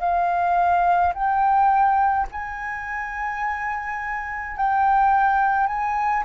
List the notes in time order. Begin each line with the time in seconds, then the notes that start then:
0.00 F5
1.14 G5
2.32 G#5
4.57 G5
5.67 G#5